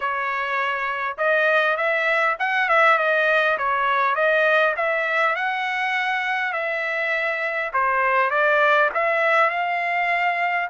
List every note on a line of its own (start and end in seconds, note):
0.00 1.17 C#5
1.17 1.77 D#5
1.77 2.36 E5
2.39 2.68 F#5
2.68 2.98 E5
2.98 3.57 D#5
3.58 4.15 C#5
4.15 4.74 D#5
4.76 5.35 E5
5.35 6.52 F#5
6.52 7.71 E5
7.73 8.30 C5
8.30 8.89 D5
8.94 9.49 E5
9.49 10.68 F5